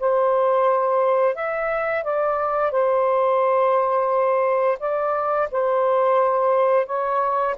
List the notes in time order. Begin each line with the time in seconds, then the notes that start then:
0.00 C5
1.35 E5
2.04 D5
2.72 C5
4.80 D5
5.52 C5
6.87 C#5